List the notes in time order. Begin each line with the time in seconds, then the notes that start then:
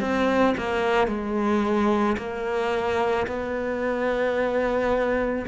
0.00 C4
0.58 A#3
1.08 G#3
2.18 A#3
3.27 B3